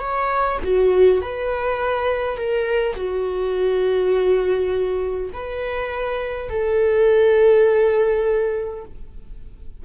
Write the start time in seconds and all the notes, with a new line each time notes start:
0.00 C#5
0.64 F#4
1.22 B4
2.38 A#4
2.96 F#4
5.34 B4
6.50 A4